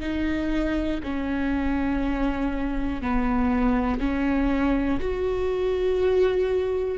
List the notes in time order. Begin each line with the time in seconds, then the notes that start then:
0.00 D#4
1.03 C#4
3.01 B3
3.99 C#4
5.00 F#4